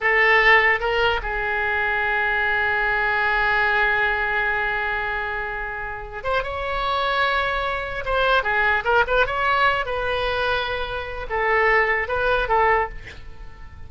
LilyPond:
\new Staff \with { instrumentName = "oboe" } { \time 4/4 \tempo 4 = 149 a'2 ais'4 gis'4~ | gis'1~ | gis'1~ | gis'2.~ gis'8 c''8 |
cis''1 | c''4 gis'4 ais'8 b'8 cis''4~ | cis''8 b'2.~ b'8 | a'2 b'4 a'4 | }